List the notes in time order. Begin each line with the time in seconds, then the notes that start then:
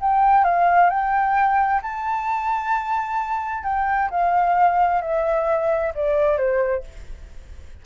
0.00 G5
0.44 F5
0.90 G5
1.82 A5
3.63 G5
4.10 F5
5.01 E5
5.95 D5
6.37 C5